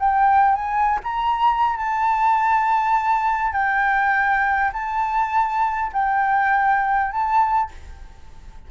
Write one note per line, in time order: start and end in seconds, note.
0.00 0.55 G5
0.55 1.00 G#5
1.04 1.77 A#5
1.77 3.52 A5
3.52 4.71 G5
4.73 5.92 A5
5.93 7.12 G5
7.12 7.71 A5